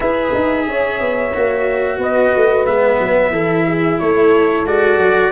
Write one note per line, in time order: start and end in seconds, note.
0.00 0.33 E4
0.00 1.32 G#4
0.00 0.66 B4
0.00 2.00 E5
0.33 0.67 D#4
0.67 1.00 C#4
0.67 2.00 C#5
1.00 1.33 B3
1.34 1.97 A#3
1.34 2.66 F#4
1.97 2.31 B3
1.97 3.32 B4
1.97 2.65 D#5
2.36 2.65 A3
2.65 2.98 G#3
2.65 3.33 B3
2.65 3.99 E5
2.99 3.31 F#3
3.31 3.97 E3
3.31 4.66 E4
3.31 3.65 A4
3.67 4.00 G#4
3.99 4.65 A3
3.99 5.32 A4
3.99 4.65 C#5
4.65 4.96 G#3
4.65 5.32 F#4
4.65 5.32 D5
4.96 5.30 F#3